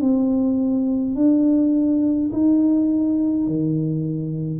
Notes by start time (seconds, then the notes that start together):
0.00 C4
1.15 D4
2.32 D#4
3.47 D#3